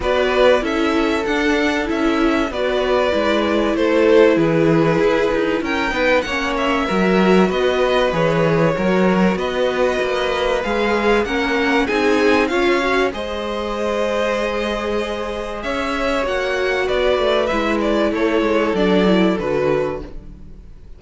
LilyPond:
<<
  \new Staff \with { instrumentName = "violin" } { \time 4/4 \tempo 4 = 96 d''4 e''4 fis''4 e''4 | d''2 c''4 b'4~ | b'4 g''4 fis''8 e''4. | dis''4 cis''2 dis''4~ |
dis''4 f''4 fis''4 gis''4 | f''4 dis''2.~ | dis''4 e''4 fis''4 d''4 | e''8 d''8 cis''4 d''4 b'4 | }
  \new Staff \with { instrumentName = "violin" } { \time 4/4 b'4 a'2. | b'2 a'4 gis'4~ | gis'4 ais'8 b'8 cis''4 ais'4 | b'2 ais'4 b'4~ |
b'2 ais'4 gis'4 | cis''4 c''2.~ | c''4 cis''2 b'4~ | b'4 a'2. | }
  \new Staff \with { instrumentName = "viola" } { \time 4/4 fis'4 e'4 d'4 e'4 | fis'4 e'2.~ | e'4. dis'8 cis'4 fis'4~ | fis'4 gis'4 fis'2~ |
fis'4 gis'4 cis'4 dis'4 | f'8 fis'8 gis'2.~ | gis'2 fis'2 | e'2 d'8 e'8 fis'4 | }
  \new Staff \with { instrumentName = "cello" } { \time 4/4 b4 cis'4 d'4 cis'4 | b4 gis4 a4 e4 | e'8 dis'8 cis'8 b8 ais4 fis4 | b4 e4 fis4 b4 |
ais4 gis4 ais4 c'4 | cis'4 gis2.~ | gis4 cis'4 ais4 b8 a8 | gis4 a8 gis8 fis4 d4 | }
>>